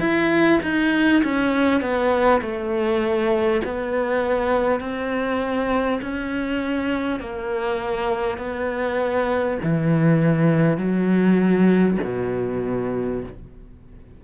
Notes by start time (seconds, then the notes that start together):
0.00 E4
0.63 D#4
1.24 C#4
1.82 B3
2.42 A3
3.65 B3
4.81 C4
6.02 C#4
7.20 A#3
8.38 B3
9.63 E3
10.78 F#3
12.04 B2